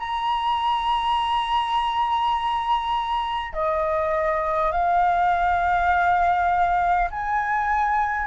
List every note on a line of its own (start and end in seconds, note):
0.00 3.53 A#5
3.53 4.72 D#5
4.72 7.10 F5
7.11 8.27 G#5